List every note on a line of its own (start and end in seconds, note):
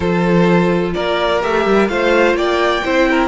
0.00 0.94 F3
0.00 1.41 F4
0.00 0.92 A4
0.00 0.92 C5
0.93 1.43 A#3
0.93 1.89 A#4
0.93 1.41 D5
1.41 1.65 A3
1.41 1.88 G4
1.41 1.88 E5
1.65 1.89 G3
1.88 2.34 A3
1.88 2.83 F4
1.88 2.36 C5
1.88 2.35 F5
2.34 2.81 A#3
2.34 2.84 D5
2.34 3.28 G5
2.84 3.28 C4
2.84 3.28 E4
2.84 3.08 C5
3.10 3.28 A#4